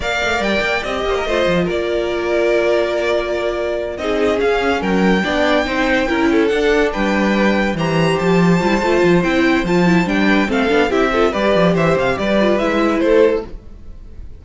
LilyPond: <<
  \new Staff \with { instrumentName = "violin" } { \time 4/4 \tempo 4 = 143 f''4 g''4 dis''2 | d''1~ | d''4. dis''4 f''4 g''8~ | g''2.~ g''8 fis''8~ |
fis''8 g''2 ais''4 a''8~ | a''2 g''4 a''4 | g''4 f''4 e''4 d''4 | e''8 f''8 d''4 e''4 c''4 | }
  \new Staff \with { instrumentName = "violin" } { \time 4/4 d''2~ d''8 c''16 ais'16 c''4 | ais'1~ | ais'4. gis'2 ais'8~ | ais'8 d''4 c''4 ais'8 a'4~ |
a'8 b'2 c''4.~ | c''1~ | c''8 b'8 a'4 g'8 a'8 b'4 | c''4 b'2 a'4 | }
  \new Staff \with { instrumentName = "viola" } { \time 4/4 ais'2 g'4 f'4~ | f'1~ | f'4. dis'4 cis'4.~ | cis'8 d'4 dis'4 e'4 d'8~ |
d'2~ d'8 g'4.~ | g'8 f'16 e'16 f'4 e'4 f'8 e'8 | d'4 c'8 d'8 e'8 f'8 g'4~ | g'4. f'8 e'2 | }
  \new Staff \with { instrumentName = "cello" } { \time 4/4 ais8 a8 g8 ais8 c'8 ais8 a8 f8 | ais1~ | ais4. c'4 cis'4 fis8~ | fis8 b4 c'4 cis'4 d'8~ |
d'8 g2 e4 f8~ | f8 g8 a8 f8 c'4 f4 | g4 a8 b8 c'4 g8 f8 | e8 c8 g4 gis4 a4 | }
>>